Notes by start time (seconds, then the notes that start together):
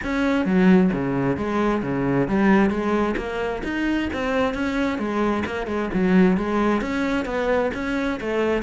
0.03 C#4
0.45 F#3
0.92 C#3
1.36 G#3
1.82 C#3
2.27 G3
2.69 G#3
3.17 A#3
3.63 D#4
4.13 C4
4.53 C#4
4.98 G#3
5.45 A#3
5.66 G#3
5.93 F#3
6.37 G#3
6.81 C#4
7.25 B3
7.74 C#4
8.20 A3